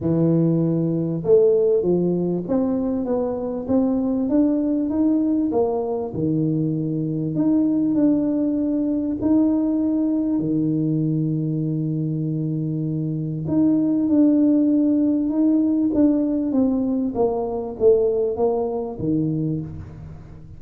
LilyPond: \new Staff \with { instrumentName = "tuba" } { \time 4/4 \tempo 4 = 98 e2 a4 f4 | c'4 b4 c'4 d'4 | dis'4 ais4 dis2 | dis'4 d'2 dis'4~ |
dis'4 dis2.~ | dis2 dis'4 d'4~ | d'4 dis'4 d'4 c'4 | ais4 a4 ais4 dis4 | }